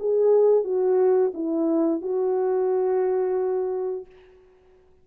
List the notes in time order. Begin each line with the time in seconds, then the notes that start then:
0.00 G#4
0.64 F#4
1.35 E4
2.02 F#4